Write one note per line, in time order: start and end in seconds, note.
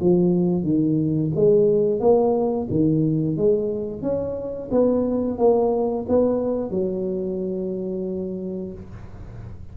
0.00 0.63 F3
0.63 1.31 D#3
1.35 2.00 G#3
2.00 2.67 A#3
2.70 3.36 D#3
3.36 4.02 G#3
4.02 4.69 C#4
4.71 5.38 B3
5.38 6.05 A#3
6.08 6.70 B3
6.70 8.72 F#3